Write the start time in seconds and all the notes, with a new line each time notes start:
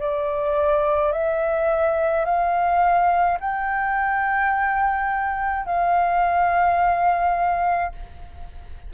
0.00 D5
1.13 E5
2.25 F5
3.41 G5
5.66 F5